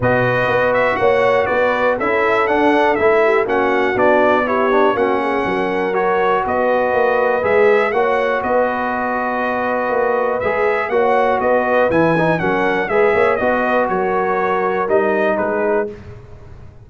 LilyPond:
<<
  \new Staff \with { instrumentName = "trumpet" } { \time 4/4 \tempo 4 = 121 dis''4. e''8 fis''4 d''4 | e''4 fis''4 e''4 fis''4 | d''4 cis''4 fis''2 | cis''4 dis''2 e''4 |
fis''4 dis''2.~ | dis''4 e''4 fis''4 dis''4 | gis''4 fis''4 e''4 dis''4 | cis''2 dis''4 b'4 | }
  \new Staff \with { instrumentName = "horn" } { \time 4/4 b'2 cis''4 b'4 | a'2~ a'8 g'8 fis'4~ | fis'4 g'4 fis'8 gis'8 ais'4~ | ais'4 b'2. |
cis''4 b'2.~ | b'2 cis''4 b'4~ | b'4 ais'4 b'8 cis''8 dis''8 b'8 | ais'2. gis'4 | }
  \new Staff \with { instrumentName = "trombone" } { \time 4/4 fis'1 | e'4 d'4 e'4 cis'4 | d'4 e'8 d'8 cis'2 | fis'2. gis'4 |
fis'1~ | fis'4 gis'4 fis'2 | e'8 dis'8 cis'4 gis'4 fis'4~ | fis'2 dis'2 | }
  \new Staff \with { instrumentName = "tuba" } { \time 4/4 b,4 b4 ais4 b4 | cis'4 d'4 a4 ais4 | b2 ais4 fis4~ | fis4 b4 ais4 gis4 |
ais4 b2. | ais4 gis4 ais4 b4 | e4 fis4 gis8 ais8 b4 | fis2 g4 gis4 | }
>>